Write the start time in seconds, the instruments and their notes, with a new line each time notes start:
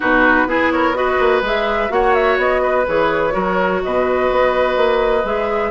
0.00 bassoon B2, clarinet D#4, oboe F#4, flute B4
0.46 bassoon B3, clarinet E4, oboe G#4
0.71 oboe A#4, flute C#5
0.93 clarinet F#4, oboe B4, flute D#5
1.19 bassoon A#3
1.41 bassoon G#3, clarinet G#4, flute E5
1.88 bassoon A#3, clarinet F#4, oboe C#5, flute F#5
2.14 flute E5
2.37 bassoon B3, flute D#5
2.62 oboe B4
2.87 bassoon E3, clarinet G#4, flute C#5
3.30 bassoon F#3, clarinet F#4, oboe A#4
3.83 bassoon B2, oboe B4, flute D#5
4.30 bassoon B3
4.76 bassoon A#3
5.24 bassoon G#3, clarinet G#4, flute E5